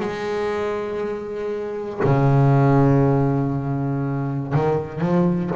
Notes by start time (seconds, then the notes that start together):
0.00 G#3
2.04 C#3
4.53 D#3
5.00 F3